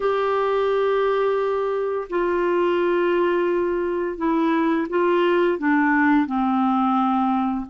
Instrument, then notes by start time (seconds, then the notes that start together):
clarinet
0.00 G4
2.09 F4
4.17 E4
4.89 F4
5.58 D4
6.26 C4